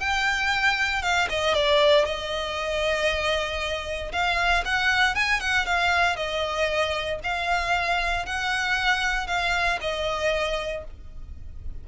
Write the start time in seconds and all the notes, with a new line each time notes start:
0.00 G5
1.02 F5
1.30 D#5
1.54 D5
2.05 D#5
4.12 F5
4.65 F#5
5.15 G#5
5.40 F#5
5.66 F5
6.17 D#5
7.23 F5
8.26 F#5
9.27 F5
9.81 D#5